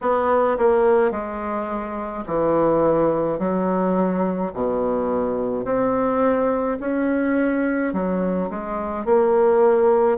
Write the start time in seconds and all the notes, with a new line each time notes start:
0.01 B3
0.58 A#3
1.11 G#3
2.26 E3
3.38 F#3
4.53 B2
5.64 C4
6.79 C#4
7.92 F#3
8.50 G#3
9.05 A#3